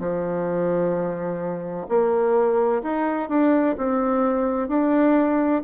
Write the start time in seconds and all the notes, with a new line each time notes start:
0.00 F3
1.89 A#3
2.83 D#4
3.29 D4
3.78 C4
4.69 D4